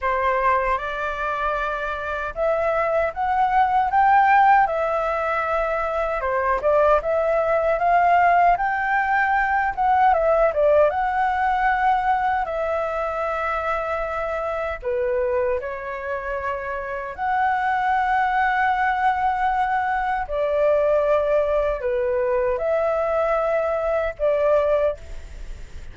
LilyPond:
\new Staff \with { instrumentName = "flute" } { \time 4/4 \tempo 4 = 77 c''4 d''2 e''4 | fis''4 g''4 e''2 | c''8 d''8 e''4 f''4 g''4~ | g''8 fis''8 e''8 d''8 fis''2 |
e''2. b'4 | cis''2 fis''2~ | fis''2 d''2 | b'4 e''2 d''4 | }